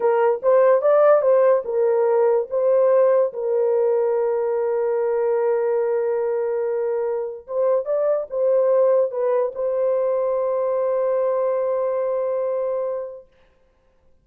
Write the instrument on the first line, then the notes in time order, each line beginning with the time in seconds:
horn
0.00 A#4
0.42 C5
0.81 D5
1.21 C5
1.65 A#4
2.49 C5
3.33 A#4
7.47 C5
7.85 D5
8.30 C5
9.11 B4
9.54 C5